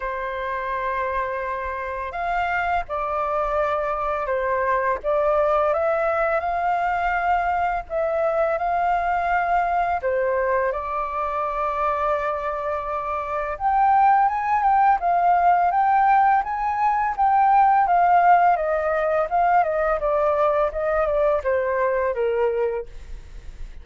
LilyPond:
\new Staff \with { instrumentName = "flute" } { \time 4/4 \tempo 4 = 84 c''2. f''4 | d''2 c''4 d''4 | e''4 f''2 e''4 | f''2 c''4 d''4~ |
d''2. g''4 | gis''8 g''8 f''4 g''4 gis''4 | g''4 f''4 dis''4 f''8 dis''8 | d''4 dis''8 d''8 c''4 ais'4 | }